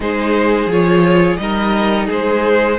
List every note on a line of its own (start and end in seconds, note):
0.00 0.66 G#3
0.00 0.70 D#4
0.00 1.40 G#4
0.00 0.71 C5
0.66 1.36 F3
0.66 1.39 F4
0.66 1.36 C#5
1.36 2.09 G3
1.36 2.78 D#4
1.36 2.06 A#4
1.36 2.06 D#5
2.06 2.79 G#3
2.06 2.76 G#4
2.06 2.79 C5